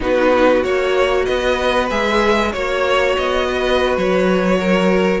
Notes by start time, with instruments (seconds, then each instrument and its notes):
0.00 cello B3, viola D#4, violin F#4 B4
0.61 cello A#3, viola F#4, violin C#5
1.25 cello B3, violin B4 D#5
1.89 cello G#3, viola G#4, violin E5
2.52 cello A#3, viola F#4, violin C#5
3.17 cello B3, violin D#5
3.47 violin B4
3.97 cello F#3, violin C#5
4.59 violin A#4